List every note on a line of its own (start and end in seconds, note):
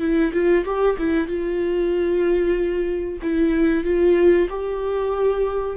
0.00 0.32 E4
0.33 0.65 F4
0.65 0.97 G4
0.98 1.27 E4
1.27 3.19 F4
3.22 3.84 E4
3.84 4.48 F4
4.49 5.76 G4